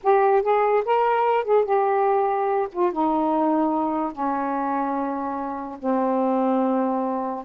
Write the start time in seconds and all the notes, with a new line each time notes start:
0.03 G4
0.42 G#4
0.85 A#4
1.44 G#4
1.64 G4
2.72 F4
2.92 D#4
4.12 C#4
5.79 C4